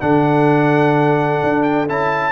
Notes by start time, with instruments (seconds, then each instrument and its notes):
0.00 tuba D3, trombone D4, horn A4, trumpet F#5
1.43 tuba D4
1.63 trumpet G5
1.88 tuba C#4, trombone E4, trumpet A5